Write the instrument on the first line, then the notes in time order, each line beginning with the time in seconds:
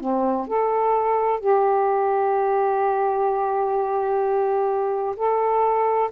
saxophone
0.00 C4
0.47 A4
1.40 G4
5.16 A4